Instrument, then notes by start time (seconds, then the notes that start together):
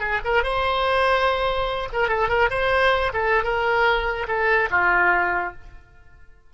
oboe
0.00 G#4
0.24 A#4
0.43 C5
1.93 A#4
2.08 A4
2.29 A#4
2.50 C5
3.13 A4
3.44 A#4
4.28 A4
4.70 F4